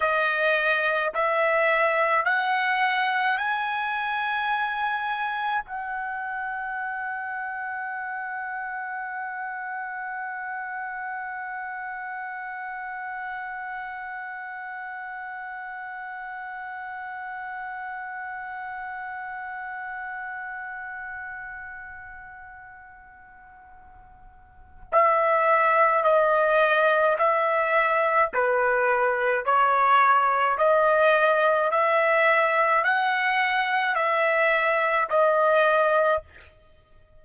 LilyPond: \new Staff \with { instrumentName = "trumpet" } { \time 4/4 \tempo 4 = 53 dis''4 e''4 fis''4 gis''4~ | gis''4 fis''2.~ | fis''1~ | fis''1~ |
fis''1~ | fis''2 e''4 dis''4 | e''4 b'4 cis''4 dis''4 | e''4 fis''4 e''4 dis''4 | }